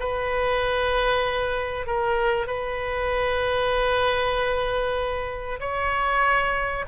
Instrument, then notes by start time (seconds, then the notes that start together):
oboe
0.00 B4
1.87 A#4
2.47 B4
5.60 C#5